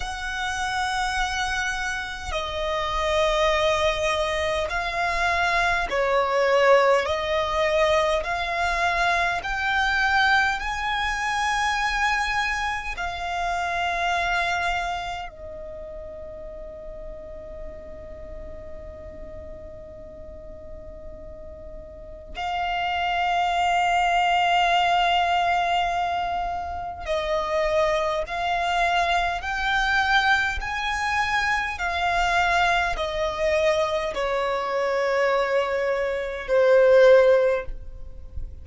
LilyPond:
\new Staff \with { instrumentName = "violin" } { \time 4/4 \tempo 4 = 51 fis''2 dis''2 | f''4 cis''4 dis''4 f''4 | g''4 gis''2 f''4~ | f''4 dis''2.~ |
dis''2. f''4~ | f''2. dis''4 | f''4 g''4 gis''4 f''4 | dis''4 cis''2 c''4 | }